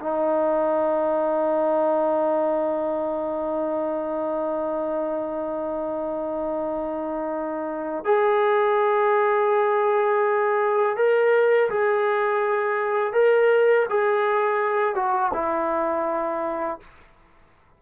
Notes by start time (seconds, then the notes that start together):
0.00 D#4
8.05 G#4
10.97 A#4
11.70 G#4
13.13 A#4
13.90 G#4
14.95 F#4
15.33 E4